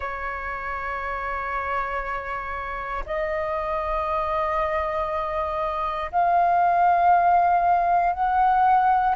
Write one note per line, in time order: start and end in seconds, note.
0.00 3.04 C#5
3.06 6.11 D#5
6.11 8.13 F5
8.13 9.15 F#5